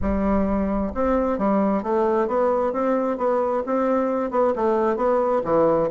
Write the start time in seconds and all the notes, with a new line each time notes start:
0.01 G3
0.94 C4
1.38 G3
1.83 A3
2.27 B3
2.72 C4
3.17 B3
3.66 C4
4.31 B3
4.55 A3
4.96 B3
5.44 E3